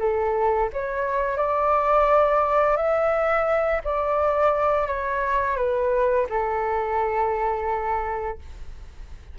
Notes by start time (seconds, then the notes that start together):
0.00 A4
0.73 C#5
1.37 D5
2.77 E5
3.84 D5
4.87 C#5
5.57 B4
6.29 A4